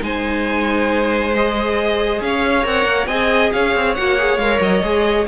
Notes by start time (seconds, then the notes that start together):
0.00 G#3 D#4 C5 G#5
1.34 G#4 D#5
2.20 C#4 C#5 F5
2.63 C4 A#4 F#5
2.84 A#3
3.06 C4 G#4 D#5 G#5
3.52 C#4 C#5 F5
3.75 C4
3.94 A#3 F#4 F#5
4.17 G#4
4.37 G#3 A#4 F5
4.60 F#3 D#5
4.82 G#3 G#4